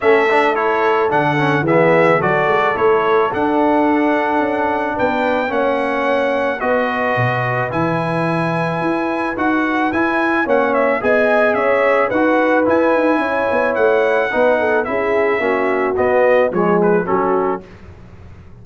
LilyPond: <<
  \new Staff \with { instrumentName = "trumpet" } { \time 4/4 \tempo 4 = 109 e''4 cis''4 fis''4 e''4 | d''4 cis''4 fis''2~ | fis''4 g''4 fis''2 | dis''2 gis''2~ |
gis''4 fis''4 gis''4 fis''8 e''8 | gis''4 e''4 fis''4 gis''4~ | gis''4 fis''2 e''4~ | e''4 dis''4 cis''8 b'8 a'4 | }
  \new Staff \with { instrumentName = "horn" } { \time 4/4 a'2. gis'4 | a'1~ | a'4 b'4 cis''2 | b'1~ |
b'2. cis''4 | dis''4 cis''4 b'2 | cis''2 b'8 a'8 gis'4 | fis'2 gis'4 fis'4 | }
  \new Staff \with { instrumentName = "trombone" } { \time 4/4 cis'8 d'8 e'4 d'8 cis'8 b4 | fis'4 e'4 d'2~ | d'2 cis'2 | fis'2 e'2~ |
e'4 fis'4 e'4 cis'4 | gis'2 fis'4 e'4~ | e'2 dis'4 e'4 | cis'4 b4 gis4 cis'4 | }
  \new Staff \with { instrumentName = "tuba" } { \time 4/4 a2 d4 e4 | fis8 gis8 a4 d'2 | cis'4 b4 ais2 | b4 b,4 e2 |
e'4 dis'4 e'4 ais4 | b4 cis'4 dis'4 e'8 dis'8 | cis'8 b8 a4 b4 cis'4 | ais4 b4 f4 fis4 | }
>>